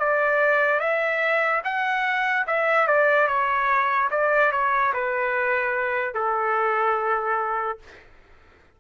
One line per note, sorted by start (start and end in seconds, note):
0.00 0.80 D5
0.80 1.63 E5
1.65 2.47 F#5
2.48 2.88 E5
2.88 3.28 D5
3.28 4.10 C#5
4.11 4.52 D5
4.52 4.94 C#5
4.94 6.15 B4
6.15 7.79 A4